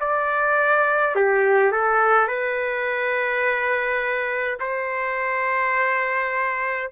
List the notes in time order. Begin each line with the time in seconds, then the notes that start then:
0.00 D5
1.15 G4
1.72 A4
2.27 B4
4.59 C5